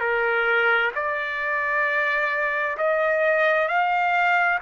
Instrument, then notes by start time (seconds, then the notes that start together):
trumpet
0.00 A#4
0.95 D5
2.77 D#5
3.68 F5